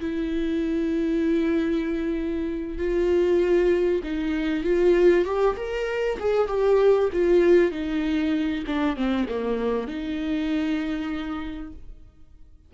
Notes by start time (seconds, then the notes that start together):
0.00 E4
2.78 F4
4.04 D#4
4.64 F4
5.25 G4
5.57 A#4
6.20 G#4
6.48 G4
7.13 F4
7.72 D#4
8.67 D4
8.97 C4
9.29 A#3
9.88 D#4